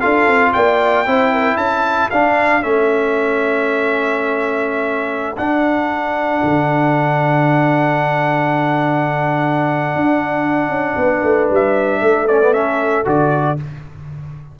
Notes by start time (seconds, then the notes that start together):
0.00 D4 F4 A4 F5
0.27 C4
0.53 A#3 D5 G5
1.06 C4 E4 C5
1.33 A#4
1.56 C#4 A4 A5
2.10 D4 F5
2.62 A3 C#4 E5
5.37 D4 F#5
6.43 D3
9.95 D4
10.68 C#4
10.96 B3 B4
11.23 A3
11.50 G3 E5
12.01 A3 A4
12.27 C#4 D5
12.41 B3
12.53 C#4 E5
13.04 D3 F#4 D5